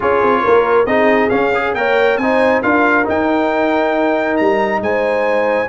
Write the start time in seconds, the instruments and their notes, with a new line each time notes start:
0.00 tuba C#4, trombone F4, horn G#4, trumpet C#5
0.22 tuba C4
0.44 tuba A#3, horn A#4
0.85 tuba C4, trombone D#4, horn G#4, trumpet D#5
1.29 trombone C#4, tuba C#4, trumpet F5
1.54 trombone G#4
1.73 tuba A#3, trombone A#4, horn C#5, trumpet G5
2.17 tuba C4, trombone D#4, horn C5, trumpet G#5
2.62 tuba D4, trombone F4, horn A#4, trumpet F5
3.04 trombone D#4, tuba D#4, trumpet G5
4.36 tuba G3, trumpet A#5
4.80 tuba G#3, horn C5, trumpet G#5